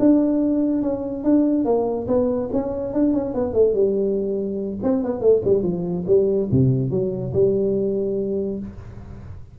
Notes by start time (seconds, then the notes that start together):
0.00 D4
0.82 C#4
1.24 D4
1.65 A#3
2.08 B3
2.53 C#4
2.94 D4
3.14 C#4
3.35 B3
3.54 A3
3.74 G3
4.83 C4
5.03 B3
5.21 A3
5.45 G3
5.63 F3
6.08 G3
6.52 C3
6.91 F#3
7.34 G3